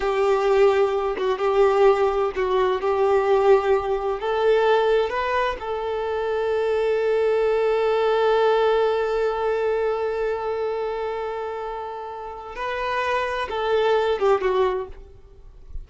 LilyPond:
\new Staff \with { instrumentName = "violin" } { \time 4/4 \tempo 4 = 129 g'2~ g'8 fis'8 g'4~ | g'4 fis'4 g'2~ | g'4 a'2 b'4 | a'1~ |
a'1~ | a'1~ | a'2. b'4~ | b'4 a'4. g'8 fis'4 | }